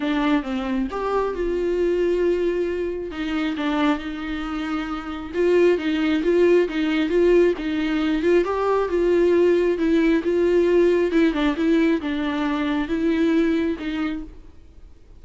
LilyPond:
\new Staff \with { instrumentName = "viola" } { \time 4/4 \tempo 4 = 135 d'4 c'4 g'4 f'4~ | f'2. dis'4 | d'4 dis'2. | f'4 dis'4 f'4 dis'4 |
f'4 dis'4. f'8 g'4 | f'2 e'4 f'4~ | f'4 e'8 d'8 e'4 d'4~ | d'4 e'2 dis'4 | }